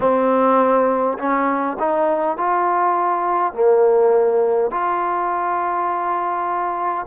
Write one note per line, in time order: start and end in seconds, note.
0.00 1.18 C4
1.18 1.76 C#4
1.79 2.37 D#4
2.37 3.53 F4
3.53 4.71 A#3
4.71 7.06 F4